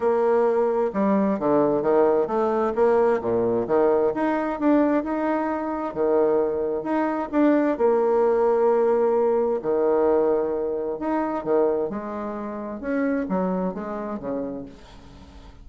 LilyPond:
\new Staff \with { instrumentName = "bassoon" } { \time 4/4 \tempo 4 = 131 ais2 g4 d4 | dis4 a4 ais4 ais,4 | dis4 dis'4 d'4 dis'4~ | dis'4 dis2 dis'4 |
d'4 ais2.~ | ais4 dis2. | dis'4 dis4 gis2 | cis'4 fis4 gis4 cis4 | }